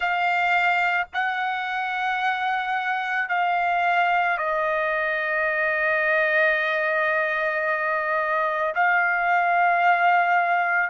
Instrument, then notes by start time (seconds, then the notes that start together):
trumpet
0.00 F5
1.13 F#5
3.28 F5
4.37 D#5
8.75 F5